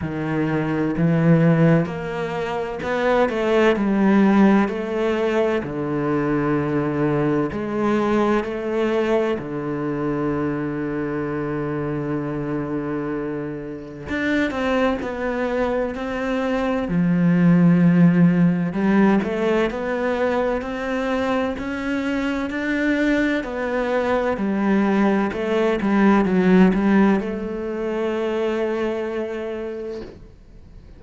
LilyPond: \new Staff \with { instrumentName = "cello" } { \time 4/4 \tempo 4 = 64 dis4 e4 ais4 b8 a8 | g4 a4 d2 | gis4 a4 d2~ | d2. d'8 c'8 |
b4 c'4 f2 | g8 a8 b4 c'4 cis'4 | d'4 b4 g4 a8 g8 | fis8 g8 a2. | }